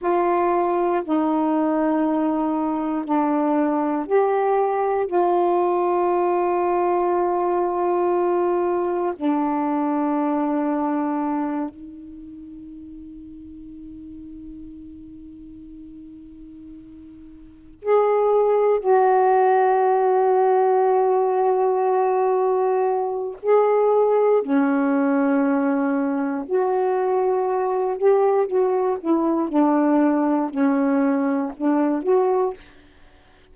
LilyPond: \new Staff \with { instrumentName = "saxophone" } { \time 4/4 \tempo 4 = 59 f'4 dis'2 d'4 | g'4 f'2.~ | f'4 d'2~ d'8 dis'8~ | dis'1~ |
dis'4. gis'4 fis'4.~ | fis'2. gis'4 | cis'2 fis'4. g'8 | fis'8 e'8 d'4 cis'4 d'8 fis'8 | }